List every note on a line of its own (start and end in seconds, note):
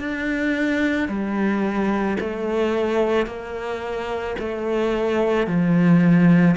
0.00 1.09 D4
1.09 2.18 G3
2.21 3.27 A3
3.27 4.36 A#3
4.39 5.47 A3
5.47 6.56 F3